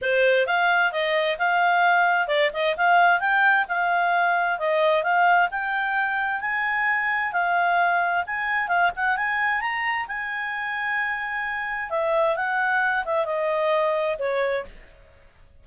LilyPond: \new Staff \with { instrumentName = "clarinet" } { \time 4/4 \tempo 4 = 131 c''4 f''4 dis''4 f''4~ | f''4 d''8 dis''8 f''4 g''4 | f''2 dis''4 f''4 | g''2 gis''2 |
f''2 gis''4 f''8 fis''8 | gis''4 ais''4 gis''2~ | gis''2 e''4 fis''4~ | fis''8 e''8 dis''2 cis''4 | }